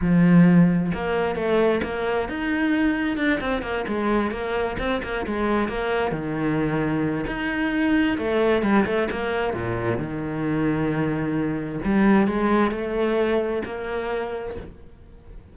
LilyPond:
\new Staff \with { instrumentName = "cello" } { \time 4/4 \tempo 4 = 132 f2 ais4 a4 | ais4 dis'2 d'8 c'8 | ais8 gis4 ais4 c'8 ais8 gis8~ | gis8 ais4 dis2~ dis8 |
dis'2 a4 g8 a8 | ais4 ais,4 dis2~ | dis2 g4 gis4 | a2 ais2 | }